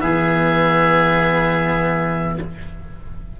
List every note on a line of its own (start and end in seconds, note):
0.00 2.39 E3
0.00 2.38 B3
0.00 2.40 G#4
0.00 2.38 E5